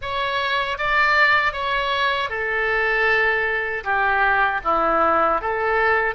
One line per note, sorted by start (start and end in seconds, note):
0.01 0.77 C#5
0.77 1.52 D5
1.52 2.29 C#5
2.29 3.83 A4
3.84 4.60 G4
4.64 5.41 E4
5.41 6.14 A4